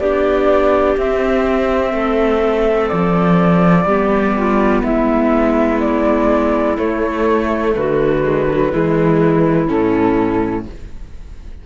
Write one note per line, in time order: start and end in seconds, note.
0.00 0.97 B3
0.00 0.99 D4
0.00 1.92 G4
0.00 0.97 D5
0.97 1.94 C4
0.97 3.88 C4
0.97 2.89 E5
1.92 2.91 A3
1.92 3.85 A4
2.89 3.86 F3
2.89 4.82 D5
3.86 4.82 G3
3.86 6.78 B3
3.86 4.35 G4
4.37 4.84 F4
4.83 6.78 G#3
4.83 7.74 E4
4.83 5.80 E5
5.80 6.77 D5
6.78 8.23 A3
6.78 7.76 A3
6.78 7.75 C#5
7.75 8.73 D3
7.75 8.70 F#4
7.75 9.69 B4
8.24 8.48 G#3
8.51 8.73 F#3
8.70 9.70 E3
8.70 9.68 G#3
8.70 10.64 E4
9.68 10.67 A2
9.68 10.65 C#4
9.68 10.66 A4